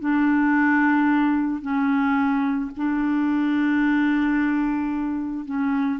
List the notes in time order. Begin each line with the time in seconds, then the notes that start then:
0.00 D4
1.61 C#4
2.77 D4
5.45 C#4